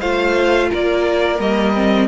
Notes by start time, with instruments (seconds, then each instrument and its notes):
0.00 cello A3, viola F4, violin C5 F5
0.70 cello A#3, violin A#4 D5
1.39 cello G3, viola A#3, violin D#5
1.75 viola C4